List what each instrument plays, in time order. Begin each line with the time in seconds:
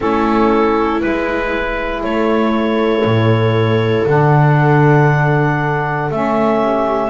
0.00 double bass A3, saxophone C#4, viola E4, clarinet A4
1.00 double bass G#3, saxophone E4, clarinet B4
2.03 double bass A3, viola A4, clarinet C#5
3.04 double bass A2
4.07 double bass D3, saxophone D4, clarinet F#5
6.10 double bass A3, saxophone C#4, clarinet E5
6.62 viola G4